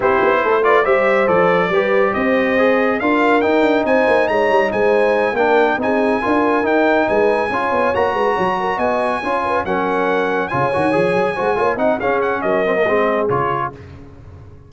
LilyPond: <<
  \new Staff \with { instrumentName = "trumpet" } { \time 4/4 \tempo 4 = 140 c''4. d''8 e''4 d''4~ | d''4 dis''2 f''4 | g''4 gis''4 ais''4 gis''4~ | gis''8 g''4 gis''2 g''8~ |
g''8 gis''2 ais''4.~ | ais''8 gis''2 fis''4.~ | fis''8 gis''2. fis''8 | f''8 fis''8 dis''2 cis''4 | }
  \new Staff \with { instrumentName = "horn" } { \time 4/4 g'4 a'8 b'8 c''2 | b'4 c''2 ais'4~ | ais'4 c''4 cis''4 c''4~ | c''8 ais'4 gis'4 ais'4.~ |
ais'8 b'4 cis''4. b'8 cis''8 | ais'8 dis''4 cis''8 b'8 ais'4.~ | ais'8 cis''2 c''8 cis''8 dis''8 | gis'4 ais'4 gis'2 | }
  \new Staff \with { instrumentName = "trombone" } { \time 4/4 e'4. f'8 g'4 a'4 | g'2 gis'4 f'4 | dis'1~ | dis'8 d'4 dis'4 f'4 dis'8~ |
dis'4. f'4 fis'4.~ | fis'4. f'4 cis'4.~ | cis'8 f'8 fis'8 gis'4 fis'8 f'8 dis'8 | cis'4. c'16 ais16 c'4 f'4 | }
  \new Staff \with { instrumentName = "tuba" } { \time 4/4 c'8 b8 a4 g4 f4 | g4 c'2 d'4 | dis'8 d'8 c'8 ais8 gis8 g8 gis4~ | gis8 ais4 c'4 d'4 dis'8~ |
dis'8 gis4 cis'8 b8 ais8 gis8 fis8~ | fis8 b4 cis'4 fis4.~ | fis8 cis8 dis8 f8 fis8 gis8 ais8 c'8 | cis'4 fis4 gis4 cis4 | }
>>